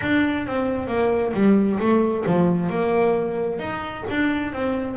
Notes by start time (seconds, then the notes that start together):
0.01 D4
0.46 C4
0.87 A#3
1.33 G3
1.79 A3
2.26 F3
2.69 A#3
3.59 D#4
4.10 D4
4.52 C4